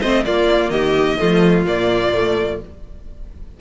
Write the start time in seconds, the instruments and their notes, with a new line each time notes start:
0.00 cello A3, viola C4, violin C5 D#5
0.25 viola A#3, cello A#3, violin F4 D5
0.70 cello D#3, violin G4 D#5
1.18 cello F3, viola A3, violin F4
1.66 cello A#2, viola A#3, violin D5
2.13 viola A3